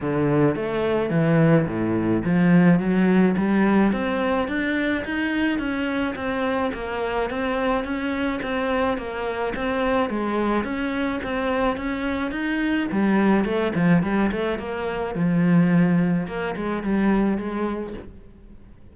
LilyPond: \new Staff \with { instrumentName = "cello" } { \time 4/4 \tempo 4 = 107 d4 a4 e4 a,4 | f4 fis4 g4 c'4 | d'4 dis'4 cis'4 c'4 | ais4 c'4 cis'4 c'4 |
ais4 c'4 gis4 cis'4 | c'4 cis'4 dis'4 g4 | a8 f8 g8 a8 ais4 f4~ | f4 ais8 gis8 g4 gis4 | }